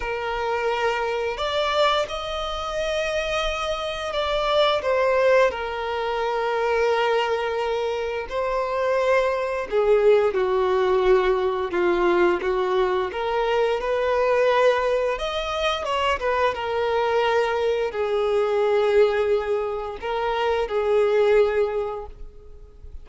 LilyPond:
\new Staff \with { instrumentName = "violin" } { \time 4/4 \tempo 4 = 87 ais'2 d''4 dis''4~ | dis''2 d''4 c''4 | ais'1 | c''2 gis'4 fis'4~ |
fis'4 f'4 fis'4 ais'4 | b'2 dis''4 cis''8 b'8 | ais'2 gis'2~ | gis'4 ais'4 gis'2 | }